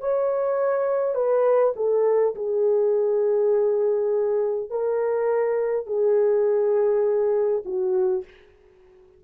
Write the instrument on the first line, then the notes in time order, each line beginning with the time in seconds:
horn
0.00 C#5
1.15 B4
1.76 A4
2.35 G#4
4.71 A#4
5.87 G#4
7.66 F#4